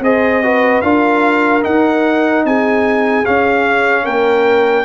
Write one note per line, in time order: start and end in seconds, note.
0.00 0.81 C4
0.00 0.43 G#4
0.00 0.43 C5
0.00 0.82 D#5
0.43 0.83 F#4
0.43 0.84 B4
0.82 1.64 D4
0.82 1.62 F4
0.82 2.46 A#4
0.82 1.63 F5
1.62 3.24 D#4
1.62 2.45 D#4
1.62 2.45 F#5
2.45 3.26 C4
2.45 4.04 G#4
2.45 3.26 G#5
3.26 4.85 C#4
3.26 4.07 C#4
3.26 4.06 F5
4.04 4.85 A#3
4.04 4.85 A#4
4.04 4.85 G5